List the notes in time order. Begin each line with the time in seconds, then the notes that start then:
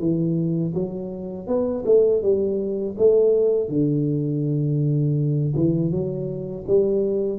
0.00 E3
0.74 F#3
1.47 B3
1.86 A3
2.23 G3
2.98 A3
3.69 D3
5.56 E3
5.91 F#3
6.67 G3